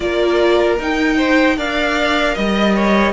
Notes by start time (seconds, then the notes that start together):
0.00 A#3 F4 A#4 D5
0.78 D#4 G5
1.16 C5
1.57 D4 A#4 D5 F5
2.34 G3 D#5
2.75 C#5